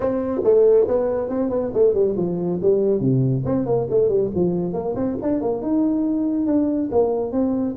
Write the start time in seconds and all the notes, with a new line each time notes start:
0.00 C4
0.44 A3
0.87 B3
1.29 C4
1.49 B3
1.73 A3
1.94 G3
2.16 F3
2.62 G3
3.00 C3
3.45 C4
3.66 A#3
3.89 A3
4.08 G3
4.34 F3
4.73 A#3
4.95 C4
5.22 D4
5.41 A#3
5.62 D#4
6.46 D4
6.91 A#3
7.31 C4